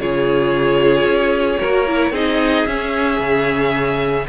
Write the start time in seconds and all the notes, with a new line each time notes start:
0.00 C#3 F4 G#4 C#5
1.05 C#4
1.60 A#3 F#4 A#4
1.87 E4
2.11 C4 D#4 G#4 D#5
2.67 C#4 E5
3.20 C#3